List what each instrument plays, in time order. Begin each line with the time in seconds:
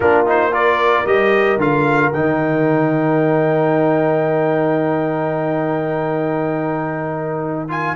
0.00 tuba A#3, trombone D4, horn F4, trumpet A#4
0.26 trombone D#4, trumpet C5
0.52 trombone F4, horn A#4, trumpet D5
1.05 tuba G3, trombone G4, trumpet D#5
1.57 tuba D3, trombone F4, trumpet F5
2.12 tuba D#3, trombone D#4, trumpet G5
7.68 trombone F4, trumpet G#5